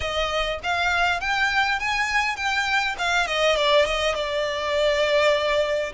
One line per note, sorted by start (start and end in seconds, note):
0.00 0.59 D#5
0.63 1.20 F5
1.20 1.79 G5
1.79 2.36 G#5
2.36 2.95 G5
2.98 3.26 F5
3.26 3.56 D#5
3.56 3.85 D5
3.85 4.14 D#5
4.14 5.92 D5